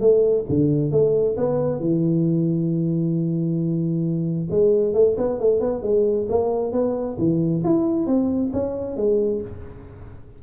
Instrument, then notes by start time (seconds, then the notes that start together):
tuba
0.00 A3
0.49 D3
0.91 A3
1.37 B3
1.80 E3
4.50 G#3
4.94 A3
5.17 B3
5.40 A3
5.60 B3
5.82 G#3
6.28 A#3
6.72 B3
7.18 E3
7.64 E4
8.06 C4
8.53 C#4
8.96 G#3